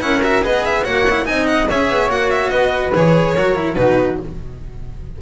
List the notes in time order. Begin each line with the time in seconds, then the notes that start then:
0.00 C#4 E4 A#4 F#5
0.23 F#4 E5
0.42 B3 G#4 B4 D#5
0.64 E5
0.84 A#3 F#4 C#5 F#5
1.09 E4
1.25 C4 D#4 D#5 G#5
1.46 F#5
1.69 C#4 G#4 C#5 E5
1.89 B3
2.08 A#3 F#4 F#5
2.30 E5
2.50 B3 B4 D#5
2.94 E3 G#4 C#5
3.34 F#3 F#4 A#4
3.55 E4
3.74 B2 D#4 F#4 B4